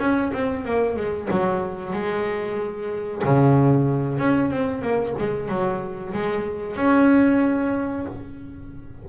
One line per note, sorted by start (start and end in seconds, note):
0.00 0.32 C#4
0.33 0.65 C4
0.65 0.97 A#3
0.97 1.29 G#3
1.31 1.94 F#3
1.94 3.23 G#3
3.25 4.19 C#3
4.19 4.51 C#4
4.51 4.82 C4
4.82 5.15 A#3
5.19 5.49 G#3
5.49 6.13 F#3
6.14 6.77 G#3
6.77 8.06 C#4